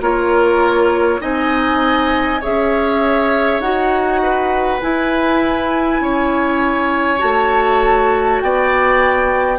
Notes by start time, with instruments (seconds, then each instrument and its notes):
0.00 bassoon A#3, clarinet F4, oboe A#4, flute C#5
1.19 bassoon C4, clarinet D#4, oboe D#5, flute G#5
2.40 bassoon C#4, clarinet G#4, oboe C#5, flute E5
3.60 bassoon D#4, clarinet F#4, flute F#5
4.22 oboe B4
4.81 clarinet E4, bassoon E4, flute G#5
6.00 bassoon C#4, oboe C#5
7.17 bassoon A3, clarinet F#4, flute A5
8.41 bassoon B3, oboe D5, flute G5